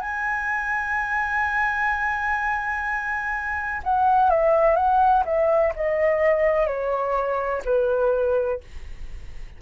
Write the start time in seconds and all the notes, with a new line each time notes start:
0.00 G#5
3.83 F#5
4.29 E5
4.76 F#5
5.25 E5
5.75 D#5
6.67 C#5
7.65 B4